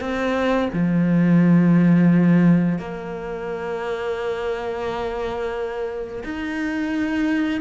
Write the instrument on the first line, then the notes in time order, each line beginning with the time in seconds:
cello
0.00 C4
0.73 F3
2.78 A#3
6.24 D#4